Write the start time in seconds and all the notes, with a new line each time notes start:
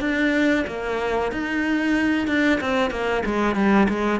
0.00 D4
0.67 A#3
1.31 D#4
2.27 D4
2.60 C4
2.90 A#3
3.25 G#3
3.55 G3
3.89 G#3